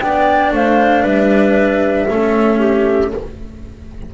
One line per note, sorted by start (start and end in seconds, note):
0.00 0.52 B3
0.00 2.08 D4
0.00 0.54 D5
0.00 0.52 G5
0.52 1.03 A3
0.52 1.02 C5
0.52 1.06 F5
1.02 2.06 G3
1.02 2.06 B4
1.02 3.13 E5
2.08 3.13 A3
2.08 3.12 C#4
2.08 2.58 A4
2.58 3.10 G4